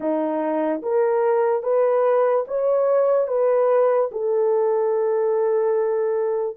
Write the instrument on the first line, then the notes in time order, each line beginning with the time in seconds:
horn
0.00 D#4
0.82 A#4
1.63 B4
2.47 C#5
3.27 B4
4.11 A4